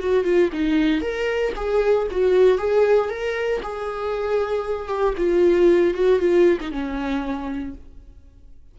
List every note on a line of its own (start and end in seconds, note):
0.00 0.25 F#4
0.25 0.51 F4
0.53 1.02 D#4
1.02 1.54 A#4
1.56 2.08 G#4
2.11 2.59 F#4
2.59 3.10 G#4
3.10 3.62 A#4
3.63 4.88 G#4
4.88 5.14 G4
5.18 5.95 F4
5.95 6.20 F#4
6.20 6.59 F4
6.61 6.72 D#4
6.72 7.75 C#4